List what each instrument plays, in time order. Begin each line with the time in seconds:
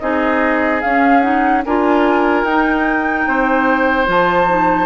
0.00 bassoon C4, clarinet D#4, oboe G#4, flute D#5
0.82 bassoon C#4, clarinet C#4, flute F5
1.21 clarinet D#4, flute F#5
1.66 bassoon D4, clarinet F4, oboe A#4, flute G#5
2.44 bassoon D#4, clarinet D#4, flute G5
3.28 bassoon C4, oboe C5
4.06 bassoon F3, clarinet F4, flute A5
4.49 clarinet D#4